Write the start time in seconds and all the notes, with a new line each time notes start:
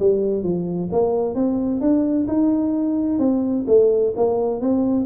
0.00 G3
0.43 F3
0.92 A#3
1.35 C4
1.81 D4
2.28 D#4
3.19 C4
3.68 A3
4.17 A#3
4.61 C4